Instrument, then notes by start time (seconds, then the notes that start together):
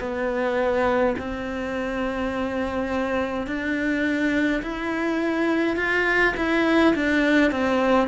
cello
0.00 B3
1.19 C4
3.47 D4
4.63 E4
5.77 F4
6.37 E4
6.95 D4
7.52 C4